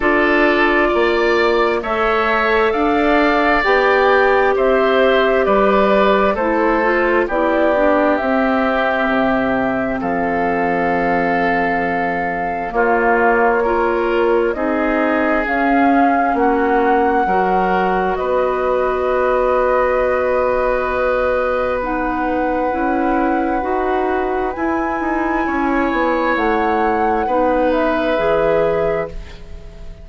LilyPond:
<<
  \new Staff \with { instrumentName = "flute" } { \time 4/4 \tempo 4 = 66 d''2 e''4 f''4 | g''4 e''4 d''4 c''4 | d''4 e''2 f''4~ | f''2 cis''2 |
dis''4 f''4 fis''2 | dis''1 | fis''2. gis''4~ | gis''4 fis''4. e''4. | }
  \new Staff \with { instrumentName = "oboe" } { \time 4/4 a'4 d''4 cis''4 d''4~ | d''4 c''4 b'4 a'4 | g'2. a'4~ | a'2 f'4 ais'4 |
gis'2 fis'4 ais'4 | b'1~ | b'1 | cis''2 b'2 | }
  \new Staff \with { instrumentName = "clarinet" } { \time 4/4 f'2 a'2 | g'2. e'8 f'8 | e'8 d'8 c'2.~ | c'2 ais4 f'4 |
dis'4 cis'2 fis'4~ | fis'1 | dis'4 e'4 fis'4 e'4~ | e'2 dis'4 gis'4 | }
  \new Staff \with { instrumentName = "bassoon" } { \time 4/4 d'4 ais4 a4 d'4 | b4 c'4 g4 a4 | b4 c'4 c4 f4~ | f2 ais2 |
c'4 cis'4 ais4 fis4 | b1~ | b4 cis'4 dis'4 e'8 dis'8 | cis'8 b8 a4 b4 e4 | }
>>